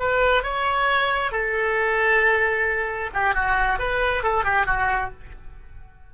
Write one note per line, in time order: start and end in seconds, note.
0.00 0.44 B4
0.44 1.32 C#5
1.32 3.11 A4
3.14 3.35 G4
3.35 3.79 F#4
3.79 4.24 B4
4.24 4.45 A4
4.45 4.67 G4
4.67 5.11 F#4